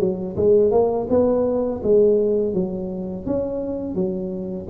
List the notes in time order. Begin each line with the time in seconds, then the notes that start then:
0.00 F#3
0.37 G#3
0.71 A#3
1.10 B3
1.84 G#3
2.54 F#3
3.26 C#4
3.95 F#3